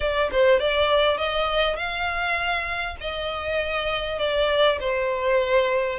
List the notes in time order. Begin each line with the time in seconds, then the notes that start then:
0.00 D5
0.31 C5
0.59 D5
1.17 D#5
1.76 F5
3.00 D#5
4.18 D5
4.80 C5